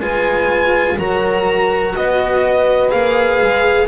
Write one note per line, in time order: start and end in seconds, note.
0.00 0.97 G#3
0.00 0.98 F4
0.00 0.98 B4
0.00 0.98 G#5
0.98 1.95 F#3
0.98 2.90 F#4
0.98 1.95 A#4
0.98 1.95 A#5
1.95 2.92 B3
1.95 3.87 B4
1.95 2.90 D#5
2.90 3.41 A#3
2.90 3.86 G#4
2.90 3.87 F5
3.41 3.87 G#3